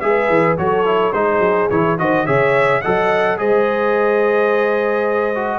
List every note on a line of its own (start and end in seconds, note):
0.00 0.29 G#3
0.00 0.57 G#4
0.00 0.59 B4
0.00 0.56 E5
0.29 0.57 E3
0.57 1.13 F#3
0.57 0.85 F#4
0.57 1.15 A4
0.57 1.13 C#5
0.85 1.13 E4
1.13 1.39 G#3
1.13 1.70 D#4
1.13 1.99 G#4
1.13 1.69 C5
1.39 1.67 F#3
1.70 1.99 E3
1.70 1.98 E4
1.70 1.98 C#5
1.98 2.27 D#3
1.98 2.26 F#4
1.98 2.25 C5
1.98 2.26 D#5
2.25 2.83 C#3
2.25 2.82 G#4
2.25 2.81 C#5
2.25 2.81 E5
2.81 3.39 F#3
2.81 3.37 A4
2.81 3.37 D#5
2.81 3.37 F#5
3.37 5.59 G#3
3.37 5.34 G#4
3.37 5.59 C5
3.37 5.59 D#5
5.35 5.59 F#4